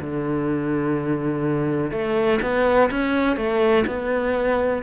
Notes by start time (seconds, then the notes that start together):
0.00 D3
1.91 A3
2.41 B3
2.90 C#4
3.36 A3
3.86 B3